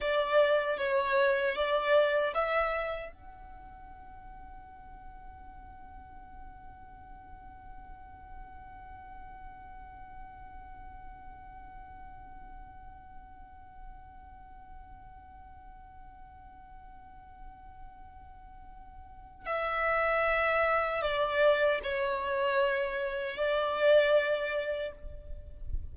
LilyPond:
\new Staff \with { instrumentName = "violin" } { \time 4/4 \tempo 4 = 77 d''4 cis''4 d''4 e''4 | fis''1~ | fis''1~ | fis''1~ |
fis''1~ | fis''1~ | fis''4 e''2 d''4 | cis''2 d''2 | }